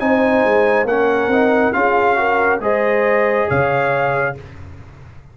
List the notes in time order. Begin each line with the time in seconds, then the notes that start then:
0.00 C4 D#4 C5 G#5
0.45 G#3
0.85 A#3 C#4 A#4 F#5
1.28 C4 D#4
1.73 C#4 F4 G#4 F5
2.16 F#4 A#4
2.60 G#3 G#4 C5 D#5
3.49 C#3 C#5 F5